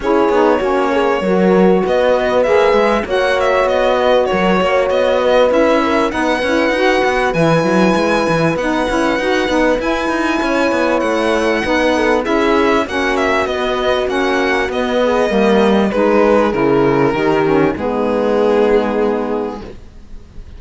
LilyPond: <<
  \new Staff \with { instrumentName = "violin" } { \time 4/4 \tempo 4 = 98 cis''2. dis''4 | e''4 fis''8 e''8 dis''4 cis''4 | dis''4 e''4 fis''2 | gis''2 fis''2 |
gis''2 fis''2 | e''4 fis''8 e''8 dis''4 fis''4 | dis''2 b'4 ais'4~ | ais'4 gis'2. | }
  \new Staff \with { instrumentName = "horn" } { \time 4/4 gis'4 fis'8 gis'8 ais'4 b'4~ | b'4 cis''4. b'8 ais'8 cis''8~ | cis''8 b'4 ais'8 b'2~ | b'1~ |
b'4 cis''2 b'8 a'8 | gis'4 fis'2.~ | fis'8 gis'8 ais'4 gis'2 | g'4 dis'2. | }
  \new Staff \with { instrumentName = "saxophone" } { \time 4/4 e'8 dis'8 cis'4 fis'2 | gis'4 fis'2.~ | fis'4 e'4 dis'8 e'8 fis'4 | e'2 dis'8 e'8 fis'8 dis'8 |
e'2. dis'4 | e'4 cis'4 b4 cis'4 | b4 ais4 dis'4 e'4 | dis'8 cis'8 b2. | }
  \new Staff \with { instrumentName = "cello" } { \time 4/4 cis'8 b8 ais4 fis4 b4 | ais8 gis8 ais4 b4 fis8 ais8 | b4 cis'4 b8 cis'8 dis'8 b8 | e8 fis8 gis8 e8 b8 cis'8 dis'8 b8 |
e'8 dis'8 cis'8 b8 a4 b4 | cis'4 ais4 b4 ais4 | b4 g4 gis4 cis4 | dis4 gis2. | }
>>